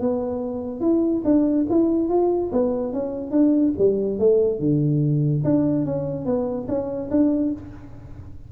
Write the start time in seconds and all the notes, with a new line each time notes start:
0.00 B3
0.81 E4
1.25 D4
1.70 E4
2.09 F4
2.52 B3
2.93 C#4
3.31 D4
3.78 G3
4.19 A3
4.60 D3
5.44 D4
5.85 C#4
6.26 B3
6.68 C#4
7.11 D4